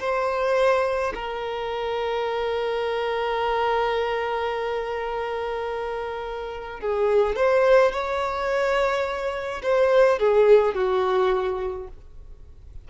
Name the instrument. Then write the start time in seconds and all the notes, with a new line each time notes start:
violin
0.00 C5
1.15 A#4
6.80 G#4
7.36 C5
7.92 C#5
9.63 C5
10.19 G#4
10.75 F#4